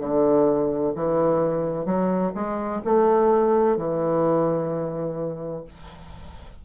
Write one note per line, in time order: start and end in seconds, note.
0.00 0.94 D3
0.95 1.86 E3
1.86 2.33 F#3
2.35 2.82 G#3
2.85 3.77 A3
3.77 5.65 E3